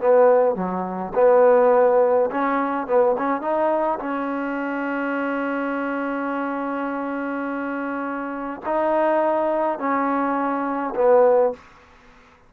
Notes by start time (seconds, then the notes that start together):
0.00 B3
0.55 F#3
1.15 B3
2.31 C#4
2.87 B3
3.18 C#4
3.41 D#4
3.99 C#4
8.65 D#4
9.79 C#4
10.95 B3